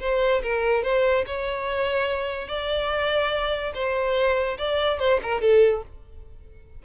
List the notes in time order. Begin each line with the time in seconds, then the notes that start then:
0.00 C5
0.42 A#4
0.83 C5
1.26 C#5
2.48 D5
3.74 C5
4.58 D5
4.99 C5
5.23 A#4
5.41 A4